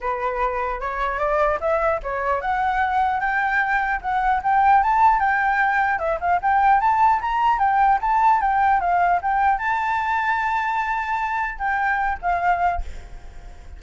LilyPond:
\new Staff \with { instrumentName = "flute" } { \time 4/4 \tempo 4 = 150 b'2 cis''4 d''4 | e''4 cis''4 fis''2 | g''2 fis''4 g''4 | a''4 g''2 e''8 f''8 |
g''4 a''4 ais''4 g''4 | a''4 g''4 f''4 g''4 | a''1~ | a''4 g''4. f''4. | }